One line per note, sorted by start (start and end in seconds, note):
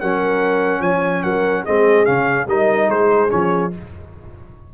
0.00 0.81 F#3
0.00 1.66 C#4
0.00 0.81 A#4
0.00 0.81 F#5
0.81 1.22 F3
0.81 1.22 C#5
0.81 1.22 G#5
1.22 1.65 F#3
1.22 1.62 A#4
1.22 1.64 F#5
1.62 2.07 G#3
1.62 2.06 C4
1.62 2.45 G#4
1.62 2.05 D#5
2.05 2.47 C#3
2.05 2.47 C#4
2.05 2.46 F5
2.47 2.88 G3
2.47 3.29 D#4
2.47 2.90 A#4
2.47 2.90 D#5
2.89 3.30 G#3
2.89 3.72 G#4
2.89 3.30 C5
3.29 3.74 F3
3.29 3.70 C#4
3.29 3.72 C#5